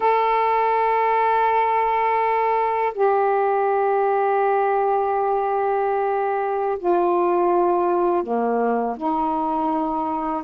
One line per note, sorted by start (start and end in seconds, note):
0.00 2.93 A4
2.93 6.77 G4
6.78 8.23 F4
8.23 8.96 A#3
8.96 10.43 D#4